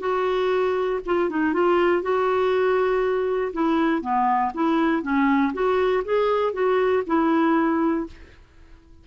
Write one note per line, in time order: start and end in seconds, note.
0.00 1.00 F#4
1.06 1.30 F4
1.30 1.54 D#4
1.54 2.02 F4
2.02 3.52 F#4
3.53 4.02 E4
4.02 4.52 B3
4.55 5.03 E4
5.03 5.53 C#4
5.54 6.04 F#4
6.05 6.53 G#4
6.53 7.03 F#4
7.07 8.07 E4